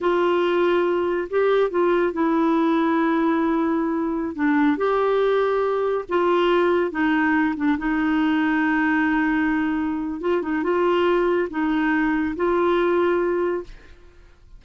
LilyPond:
\new Staff \with { instrumentName = "clarinet" } { \time 4/4 \tempo 4 = 141 f'2. g'4 | f'4 e'2.~ | e'2~ e'16 d'4 g'8.~ | g'2~ g'16 f'4.~ f'16~ |
f'16 dis'4. d'8 dis'4.~ dis'16~ | dis'1 | f'8 dis'8 f'2 dis'4~ | dis'4 f'2. | }